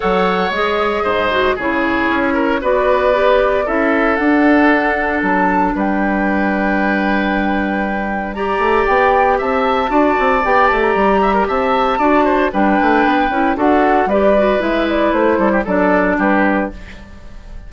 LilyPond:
<<
  \new Staff \with { instrumentName = "flute" } { \time 4/4 \tempo 4 = 115 fis''4 dis''2 cis''4~ | cis''4 d''2 e''4 | fis''2 a''4 g''4~ | g''1 |
ais''4 g''4 a''2 | g''8 a''16 ais''4~ ais''16 a''2 | g''2 fis''4 d''4 | e''8 d''8 c''4 d''4 b'4 | }
  \new Staff \with { instrumentName = "oboe" } { \time 4/4 cis''2 c''4 gis'4~ | gis'8 ais'8 b'2 a'4~ | a'2. b'4~ | b'1 |
d''2 e''4 d''4~ | d''4. e''16 ais'16 e''4 d''8 c''8 | b'2 a'4 b'4~ | b'4. a'16 g'16 a'4 g'4 | }
  \new Staff \with { instrumentName = "clarinet" } { \time 4/4 a'4 gis'4. fis'8 e'4~ | e'4 fis'4 g'4 e'4 | d'1~ | d'1 |
g'2. fis'4 | g'2. fis'4 | d'4. e'8 fis'4 g'8 fis'8 | e'2 d'2 | }
  \new Staff \with { instrumentName = "bassoon" } { \time 4/4 fis4 gis4 gis,4 cis4 | cis'4 b2 cis'4 | d'2 fis4 g4~ | g1~ |
g8 a8 b4 c'4 d'8 c'8 | b8 a8 g4 c'4 d'4 | g8 a8 b8 cis'8 d'4 g4 | gis4 a8 g8 fis4 g4 | }
>>